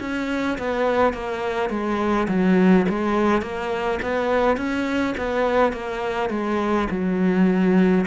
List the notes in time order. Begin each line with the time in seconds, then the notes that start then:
0.00 C#4
0.58 B3
1.13 A#3
1.70 G#3
2.28 F#3
2.89 G#3
3.41 A#3
4.02 B3
4.57 C#4
5.17 B3
5.72 A#3
6.30 G#3
6.90 F#3